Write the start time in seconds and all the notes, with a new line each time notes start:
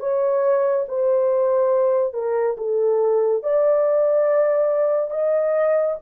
0.00 C#5
0.88 C5
2.14 A#4
2.58 A4
3.43 D5
5.10 D#5